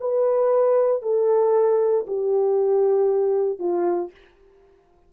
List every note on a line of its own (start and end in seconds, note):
0.00 1.02 B4
1.02 2.05 A4
2.07 3.59 G4
3.59 4.11 F4